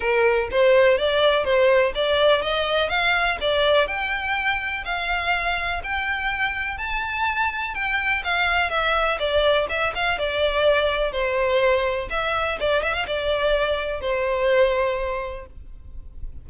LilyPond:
\new Staff \with { instrumentName = "violin" } { \time 4/4 \tempo 4 = 124 ais'4 c''4 d''4 c''4 | d''4 dis''4 f''4 d''4 | g''2 f''2 | g''2 a''2 |
g''4 f''4 e''4 d''4 | e''8 f''8 d''2 c''4~ | c''4 e''4 d''8 e''16 f''16 d''4~ | d''4 c''2. | }